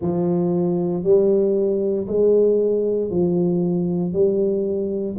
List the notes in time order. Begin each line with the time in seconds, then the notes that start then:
0.00 F3
1.03 G3
2.07 G#3
3.10 F3
4.12 G3